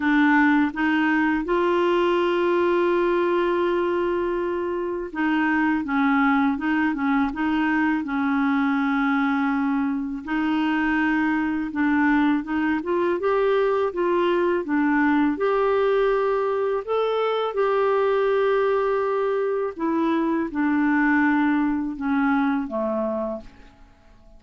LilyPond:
\new Staff \with { instrumentName = "clarinet" } { \time 4/4 \tempo 4 = 82 d'4 dis'4 f'2~ | f'2. dis'4 | cis'4 dis'8 cis'8 dis'4 cis'4~ | cis'2 dis'2 |
d'4 dis'8 f'8 g'4 f'4 | d'4 g'2 a'4 | g'2. e'4 | d'2 cis'4 a4 | }